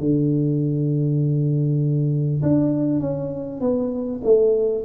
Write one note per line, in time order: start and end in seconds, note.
0.00 2.42 D3
2.43 3.00 D4
3.00 3.61 C#4
3.61 4.21 B3
4.24 4.85 A3